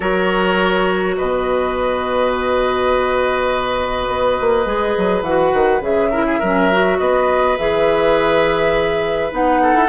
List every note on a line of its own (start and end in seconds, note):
0.00 1.17 F#3
0.00 4.64 F#4
0.00 1.16 A#4
0.00 1.16 C#5
1.17 4.08 B2
1.17 6.10 B4
1.17 5.23 D#5
4.08 4.37 B3
4.40 4.65 A#3
4.65 4.94 G#3
4.65 5.23 G#4
4.97 5.21 F#3
5.21 5.50 E3
5.21 5.81 F#4
5.21 5.81 F#5
5.53 5.80 D#3
5.80 6.38 C#3
5.80 6.10 G#4
5.80 6.98 E5
6.10 6.41 E4
6.10 6.25 A#4
6.25 6.39 G#4
6.39 6.99 F#3
6.39 6.71 C#4
6.39 6.97 A#4
6.71 7.58 F#4
6.98 7.57 B3
6.98 9.61 B4
6.98 7.57 D#5
7.57 9.31 E3
7.57 9.31 G#4
7.57 9.32 E5
9.31 9.73 B3
9.31 9.88 D#4
9.31 9.88 F#5
9.62 9.88 A4
9.73 9.88 E4